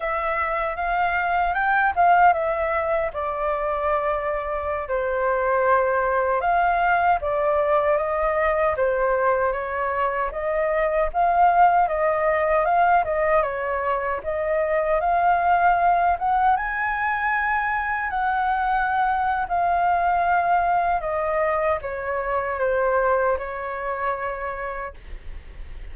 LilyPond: \new Staff \with { instrumentName = "flute" } { \time 4/4 \tempo 4 = 77 e''4 f''4 g''8 f''8 e''4 | d''2~ d''16 c''4.~ c''16~ | c''16 f''4 d''4 dis''4 c''8.~ | c''16 cis''4 dis''4 f''4 dis''8.~ |
dis''16 f''8 dis''8 cis''4 dis''4 f''8.~ | f''8. fis''8 gis''2 fis''8.~ | fis''4 f''2 dis''4 | cis''4 c''4 cis''2 | }